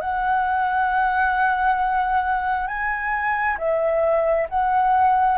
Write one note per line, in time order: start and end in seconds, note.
0.00 2.67 F#5
2.67 3.56 G#5
3.58 4.47 E5
4.49 5.38 F#5